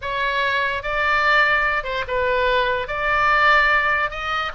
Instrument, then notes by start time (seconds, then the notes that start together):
oboe
0.01 C#5
0.82 D5
1.83 C5
2.07 B4
2.87 D5
4.10 D#5